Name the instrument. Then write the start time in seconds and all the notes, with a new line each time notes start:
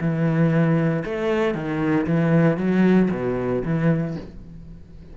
cello
0.00 E3
1.04 A3
1.54 D#3
2.06 E3
2.57 F#3
3.11 B2
3.65 E3